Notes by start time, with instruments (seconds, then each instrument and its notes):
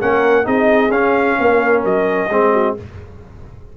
0.00 tuba A#3, trombone C#4, horn A#4, trumpet F#5
0.44 tuba C4, trombone D#4, horn G#4, trumpet D#5
0.91 tuba C#4, trombone C#4, trumpet F5
1.39 tuba A#3, horn A#4
1.85 tuba F#3, trumpet D#5
2.30 tuba G#3, trombone C4, horn G#4
2.53 horn F#4